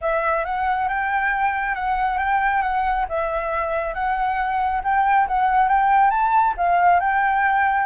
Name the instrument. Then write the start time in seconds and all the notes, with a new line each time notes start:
flute
0.01 E5
0.45 F#5
0.88 G5
1.75 F#5
2.18 G5
2.62 F#5
3.08 E5
3.94 F#5
4.83 G5
5.27 F#5
5.68 G5
6.10 A5
6.57 F5
7.00 G5